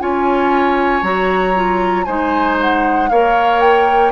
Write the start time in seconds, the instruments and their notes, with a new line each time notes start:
0.00 bassoon C#4, clarinet F4, oboe C#5, flute G#5
1.03 bassoon F#3, clarinet F#4, flute A#5
1.55 clarinet F4
2.05 bassoon G#3, clarinet D#4, oboe C5, flute G#5
2.62 flute F#5
3.10 bassoon A#3, clarinet A#4, oboe C#5, flute F5
3.61 flute G5